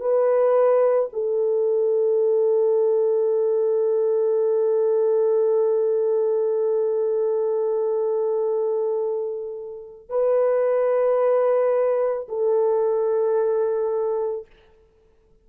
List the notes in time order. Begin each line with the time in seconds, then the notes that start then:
0.00 B4
1.13 A4
10.10 B4
12.28 A4